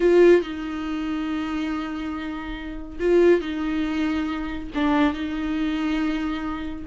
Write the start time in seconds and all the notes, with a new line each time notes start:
0.00 F4
0.41 D#4
2.99 F4
3.41 D#4
4.75 D4
5.13 D#4